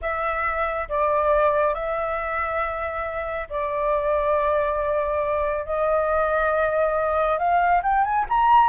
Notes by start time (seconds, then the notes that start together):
0.01 E5
0.88 D5
1.74 E5
3.49 D5
5.65 D#5
7.38 F5
7.83 G5
8.03 G#5
8.29 A#5